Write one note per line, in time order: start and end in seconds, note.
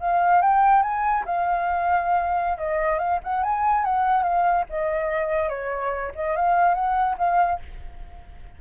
0.00 0.41 F5
0.41 0.83 G5
0.83 1.24 G#5
1.25 2.58 F5
2.58 2.99 D#5
2.99 3.20 F5
3.24 3.43 F#5
3.43 3.85 G#5
3.85 4.23 F#5
4.23 4.65 F5
4.70 5.49 D#5
5.49 6.12 C#5
6.15 6.36 D#5
6.36 6.75 F5
6.75 7.16 F#5
7.18 7.60 F5